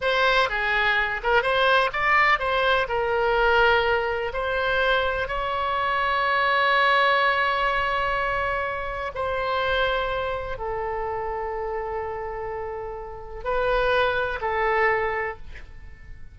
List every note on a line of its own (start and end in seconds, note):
0.01 0.49 C5
0.49 1.21 G#4
1.23 1.42 A#4
1.42 1.90 C5
1.92 2.39 D5
2.39 2.87 C5
2.88 4.32 A#4
4.33 5.28 C5
5.28 9.12 C#5
9.14 10.57 C5
10.57 13.43 A4
13.43 14.39 B4
14.41 15.37 A4